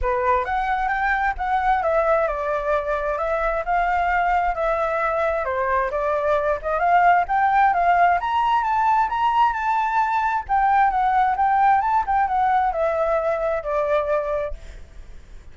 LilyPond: \new Staff \with { instrumentName = "flute" } { \time 4/4 \tempo 4 = 132 b'4 fis''4 g''4 fis''4 | e''4 d''2 e''4 | f''2 e''2 | c''4 d''4. dis''8 f''4 |
g''4 f''4 ais''4 a''4 | ais''4 a''2 g''4 | fis''4 g''4 a''8 g''8 fis''4 | e''2 d''2 | }